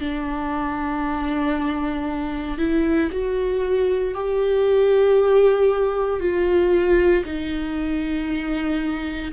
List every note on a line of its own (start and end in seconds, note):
0.00 2.58 D4
2.58 3.10 E4
3.11 4.14 F#4
4.14 6.20 G4
6.20 7.24 F4
7.25 9.32 D#4